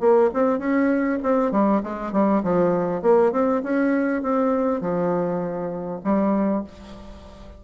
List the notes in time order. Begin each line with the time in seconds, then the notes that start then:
0.00 A#3
0.33 C4
0.58 C#4
1.22 C4
1.52 G3
1.83 G#3
2.12 G3
2.43 F3
3.02 A#3
3.32 C4
3.63 C#4
4.22 C4
4.81 F3
6.04 G3